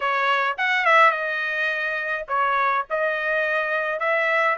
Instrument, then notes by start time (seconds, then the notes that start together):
trumpet
0.00 C#5
0.57 F#5
0.85 E5
1.11 D#5
2.28 C#5
2.90 D#5
3.99 E5